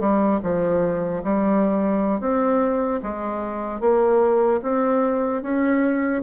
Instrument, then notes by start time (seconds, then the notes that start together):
bassoon
0.00 G3
0.43 F3
1.24 G3
2.20 C4
3.03 G#3
3.80 A#3
4.62 C4
5.42 C#4